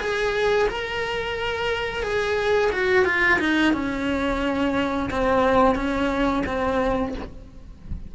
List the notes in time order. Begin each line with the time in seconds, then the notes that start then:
0.00 G#4
0.68 A#4
2.03 G#4
2.72 F#4
3.05 F4
3.39 D#4
3.73 C#4
5.10 C4
5.75 C#4
6.46 C4